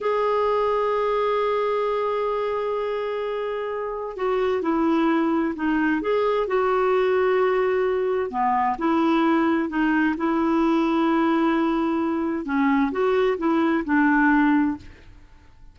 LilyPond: \new Staff \with { instrumentName = "clarinet" } { \time 4/4 \tempo 4 = 130 gis'1~ | gis'1~ | gis'4 fis'4 e'2 | dis'4 gis'4 fis'2~ |
fis'2 b4 e'4~ | e'4 dis'4 e'2~ | e'2. cis'4 | fis'4 e'4 d'2 | }